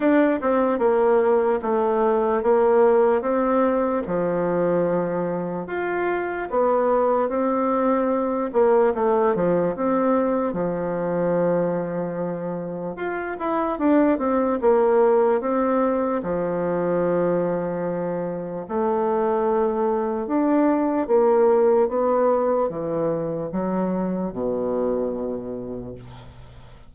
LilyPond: \new Staff \with { instrumentName = "bassoon" } { \time 4/4 \tempo 4 = 74 d'8 c'8 ais4 a4 ais4 | c'4 f2 f'4 | b4 c'4. ais8 a8 f8 | c'4 f2. |
f'8 e'8 d'8 c'8 ais4 c'4 | f2. a4~ | a4 d'4 ais4 b4 | e4 fis4 b,2 | }